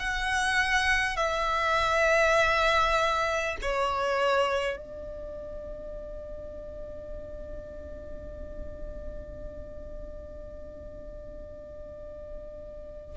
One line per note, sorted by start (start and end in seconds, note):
0.00 1.17 F#5
1.17 3.57 E5
3.62 4.77 C#5
4.77 13.17 D5